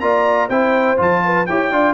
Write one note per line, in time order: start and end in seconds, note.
0.00 0.49 A#3
0.00 0.50 F4
0.00 0.49 D5
0.00 0.49 A#5
0.49 0.98 C4
0.49 0.97 E4
0.49 1.22 C5
0.49 0.98 G5
0.97 1.47 F3
0.97 1.46 F4
0.97 1.46 A5
1.24 1.48 B4
1.46 1.71 E4
1.46 1.72 G4
1.46 1.72 C#5
1.46 1.94 G5
1.71 1.94 D4
1.71 1.94 F4
1.71 1.94 D5